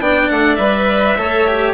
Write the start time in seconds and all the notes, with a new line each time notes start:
0.00 B3 D4 D5 G5
0.30 A3 F#5
0.56 G3 B4 E5
1.18 A3 A4 C#5
1.48 G4